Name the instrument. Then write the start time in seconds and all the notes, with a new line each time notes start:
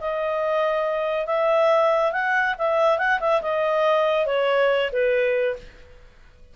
clarinet
0.00 D#5
1.26 E5
2.12 F#5
2.58 E5
2.98 F#5
3.20 E5
3.41 D#5
4.26 C#5
4.92 B4